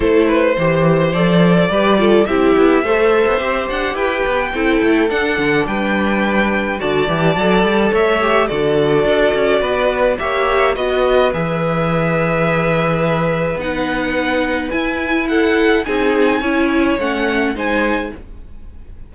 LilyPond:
<<
  \new Staff \with { instrumentName = "violin" } { \time 4/4 \tempo 4 = 106 c''2 d''2 | e''2~ e''8 fis''8 g''4~ | g''4 fis''4 g''2 | a''2 e''4 d''4~ |
d''2 e''4 dis''4 | e''1 | fis''2 gis''4 fis''4 | gis''2 fis''4 gis''4 | }
  \new Staff \with { instrumentName = "violin" } { \time 4/4 a'8 b'8 c''2 b'8 a'8 | g'4 c''2 b'4 | a'2 b'2 | d''2 cis''4 a'4~ |
a'4 b'4 cis''4 b'4~ | b'1~ | b'2. a'4 | gis'4 cis''2 c''4 | }
  \new Staff \with { instrumentName = "viola" } { \time 4/4 e'4 g'4 a'4 g'8 f'8 | e'4 a'4 g'2 | e'4 d'2. | fis'8 g'8 a'4. g'8 fis'4~ |
fis'2 g'4 fis'4 | gis'1 | dis'2 e'2 | dis'4 e'4 cis'4 dis'4 | }
  \new Staff \with { instrumentName = "cello" } { \time 4/4 a4 e4 f4 g4 | c'8 b8 a8. b16 c'8 d'8 e'8 b8 | c'8 a8 d'8 d8 g2 | d8 e8 fis8 g8 a4 d4 |
d'8 cis'8 b4 ais4 b4 | e1 | b2 e'2 | c'4 cis'4 a4 gis4 | }
>>